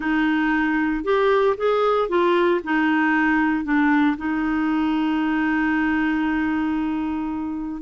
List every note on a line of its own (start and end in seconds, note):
0.00 1.04 D#4
1.04 1.56 G4
1.57 2.08 G#4
2.08 2.60 F4
2.64 3.64 D#4
3.64 4.16 D4
4.17 7.82 D#4